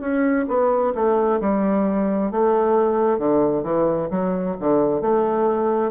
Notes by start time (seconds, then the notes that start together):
0.00 C#4
0.48 B3
0.94 A3
1.40 G3
2.31 A3
3.18 D3
3.63 E3
4.10 F#3
4.60 D3
5.01 A3